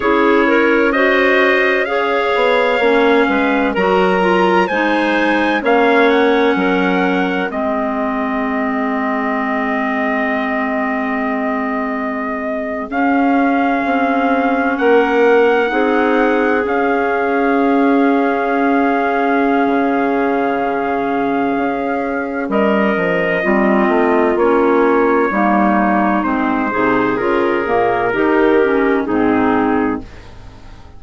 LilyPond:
<<
  \new Staff \with { instrumentName = "trumpet" } { \time 4/4 \tempo 4 = 64 cis''4 dis''4 f''2 | ais''4 gis''4 f''8 fis''4. | dis''1~ | dis''4.~ dis''16 f''2 fis''16~ |
fis''4.~ fis''16 f''2~ f''16~ | f''1 | dis''2 cis''2 | c''4 ais'2 gis'4 | }
  \new Staff \with { instrumentName = "clarinet" } { \time 4/4 gis'8 ais'8 c''4 cis''4. b'8 | ais'4 c''4 cis''4 ais'4 | gis'1~ | gis'2.~ gis'8. ais'16~ |
ais'8. gis'2.~ gis'16~ | gis'1 | ais'4 f'2 dis'4~ | dis'8 gis'4. g'4 dis'4 | }
  \new Staff \with { instrumentName = "clarinet" } { \time 4/4 e'4 fis'4 gis'4 cis'4 | fis'8 f'8 dis'4 cis'2 | c'1~ | c'4.~ c'16 cis'2~ cis'16~ |
cis'8. dis'4 cis'2~ cis'16~ | cis'1~ | cis'4 c'4 cis'4 ais4 | c'8 dis'8 f'8 ais8 dis'8 cis'8 c'4 | }
  \new Staff \with { instrumentName = "bassoon" } { \time 4/4 cis'2~ cis'8 b8 ais8 gis8 | fis4 gis4 ais4 fis4 | gis1~ | gis4.~ gis16 cis'4 c'4 ais16~ |
ais8. c'4 cis'2~ cis'16~ | cis'4 cis2 cis'4 | g8 f8 g8 a8 ais4 g4 | gis8 c8 cis8 ais,8 dis4 gis,4 | }
>>